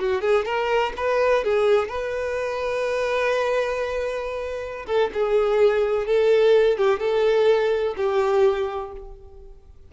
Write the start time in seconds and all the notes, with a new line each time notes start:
0.00 F#4
0.22 G#4
0.46 A#4
0.97 B4
1.44 G#4
1.89 B4
4.87 A4
5.14 G#4
6.07 A4
6.78 G4
7.00 A4
7.97 G4